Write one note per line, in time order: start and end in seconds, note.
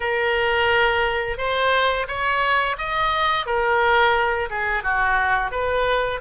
0.00 1.37 A#4
1.37 2.06 C5
2.07 2.76 C#5
2.77 3.45 D#5
3.45 4.49 A#4
4.50 4.83 G#4
4.83 5.51 F#4
5.51 6.20 B4